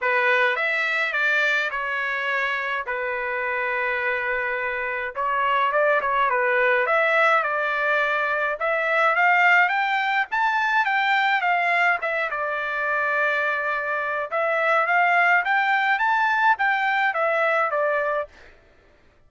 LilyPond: \new Staff \with { instrumentName = "trumpet" } { \time 4/4 \tempo 4 = 105 b'4 e''4 d''4 cis''4~ | cis''4 b'2.~ | b'4 cis''4 d''8 cis''8 b'4 | e''4 d''2 e''4 |
f''4 g''4 a''4 g''4 | f''4 e''8 d''2~ d''8~ | d''4 e''4 f''4 g''4 | a''4 g''4 e''4 d''4 | }